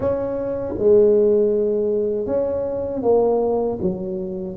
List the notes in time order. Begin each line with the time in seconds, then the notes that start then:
0.00 C#4
0.78 G#3
2.26 C#4
3.02 A#3
3.81 F#3